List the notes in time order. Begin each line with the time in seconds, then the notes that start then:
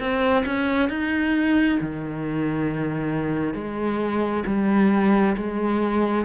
0.00 C4
0.46 C#4
0.90 D#4
1.81 D#3
3.54 G#3
4.47 G3
5.37 G#3